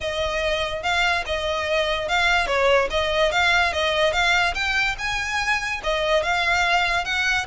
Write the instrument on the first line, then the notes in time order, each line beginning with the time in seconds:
violin
0.00 D#5
0.82 F5
1.26 D#5
2.08 F5
2.47 C#5
2.90 D#5
3.31 F5
3.72 D#5
4.12 F5
4.54 G5
4.98 G#5
5.83 D#5
6.23 F5
7.04 F#5